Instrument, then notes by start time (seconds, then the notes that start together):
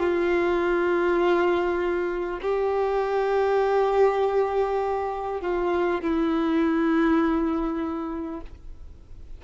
violin
0.00 F4
2.43 G4
5.42 F4
6.02 E4